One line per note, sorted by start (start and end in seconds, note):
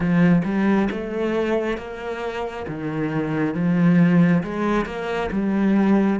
0.00 0.42 F3
0.44 0.88 G3
0.90 1.77 A3
1.77 2.66 A#3
2.68 3.54 D#3
3.54 4.42 F3
4.43 4.85 G#3
4.85 5.29 A#3
5.31 6.19 G3